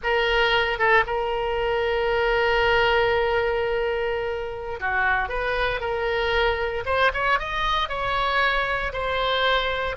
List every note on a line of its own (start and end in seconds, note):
0.03 0.78 A#4
0.78 1.04 A4
1.06 4.79 A#4
4.79 5.29 F#4
5.29 5.80 B4
5.80 6.83 A#4
6.85 7.11 C5
7.13 7.39 C#5
7.39 7.89 D#5
7.89 8.92 C#5
8.92 9.96 C5